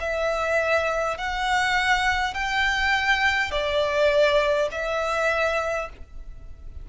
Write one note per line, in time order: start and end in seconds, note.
0.00 1.18 E5
1.18 2.34 F#5
2.34 3.51 G5
3.51 4.69 D5
4.72 5.89 E5